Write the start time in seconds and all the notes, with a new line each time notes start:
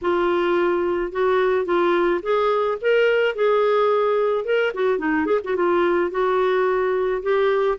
0.01 F4
1.12 F#4
1.65 F4
2.22 G#4
2.81 A#4
3.35 G#4
4.44 A#4
4.74 F#4
4.98 D#4
5.26 G#4
5.43 F#4
5.56 F4
6.10 F#4
7.22 G4